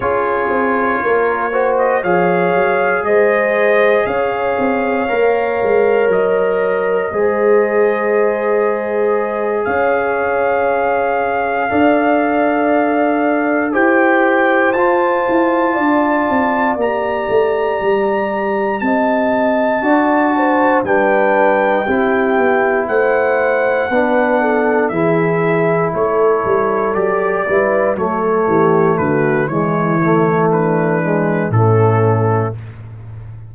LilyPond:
<<
  \new Staff \with { instrumentName = "trumpet" } { \time 4/4 \tempo 4 = 59 cis''4.~ cis''16 dis''16 f''4 dis''4 | f''2 dis''2~ | dis''4. f''2~ f''8~ | f''4. g''4 a''4.~ |
a''8 ais''2 a''4.~ | a''8 g''2 fis''4.~ | fis''8 e''4 cis''4 d''4 cis''8~ | cis''8 b'8 cis''4 b'4 a'4 | }
  \new Staff \with { instrumentName = "horn" } { \time 4/4 gis'4 ais'8 c''8 cis''4 c''4 | cis''2. c''4~ | c''4. cis''2 d''8~ | d''4. c''2 d''8~ |
d''2~ d''8 dis''4 d''8 | c''8 b'4 g'4 c''4 b'8 | a'8 gis'4 a'4. b'8 a'8 | g'8 fis'8 e'4 d'4 cis'4 | }
  \new Staff \with { instrumentName = "trombone" } { \time 4/4 f'4. fis'8 gis'2~ | gis'4 ais'2 gis'4~ | gis'2.~ gis'8 a'8~ | a'4. g'4 f'4.~ |
f'8 g'2. fis'8~ | fis'8 d'4 e'2 d'8~ | d'8 e'2 g'8 e'8 a8~ | a4 gis8 a4 gis8 a4 | }
  \new Staff \with { instrumentName = "tuba" } { \time 4/4 cis'8 c'8 ais4 f8 fis8 gis4 | cis'8 c'8 ais8 gis8 fis4 gis4~ | gis4. cis'2 d'8~ | d'4. e'4 f'8 e'8 d'8 |
c'8 ais8 a8 g4 c'4 d'8~ | d'8 g4 c'8 b8 a4 b8~ | b8 e4 a8 g8 fis8 g8 fis8 | e8 d8 e2 a,4 | }
>>